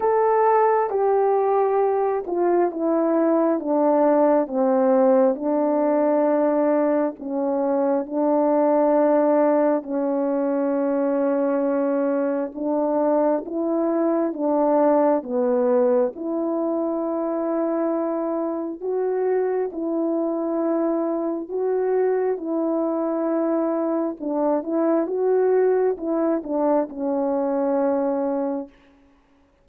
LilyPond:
\new Staff \with { instrumentName = "horn" } { \time 4/4 \tempo 4 = 67 a'4 g'4. f'8 e'4 | d'4 c'4 d'2 | cis'4 d'2 cis'4~ | cis'2 d'4 e'4 |
d'4 b4 e'2~ | e'4 fis'4 e'2 | fis'4 e'2 d'8 e'8 | fis'4 e'8 d'8 cis'2 | }